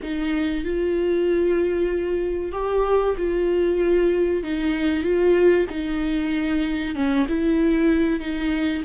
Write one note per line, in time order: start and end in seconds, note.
0.02 0.64 D#4
0.64 2.52 F4
2.52 3.15 G4
3.17 4.43 F4
4.43 5.03 D#4
5.03 5.66 F4
5.69 6.95 D#4
6.95 7.26 C#4
7.28 8.20 E4
8.20 8.83 D#4